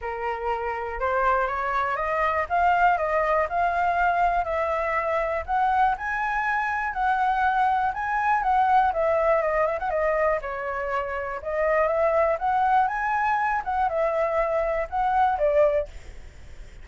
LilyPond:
\new Staff \with { instrumentName = "flute" } { \time 4/4 \tempo 4 = 121 ais'2 c''4 cis''4 | dis''4 f''4 dis''4 f''4~ | f''4 e''2 fis''4 | gis''2 fis''2 |
gis''4 fis''4 e''4 dis''8 e''16 fis''16 | dis''4 cis''2 dis''4 | e''4 fis''4 gis''4. fis''8 | e''2 fis''4 d''4 | }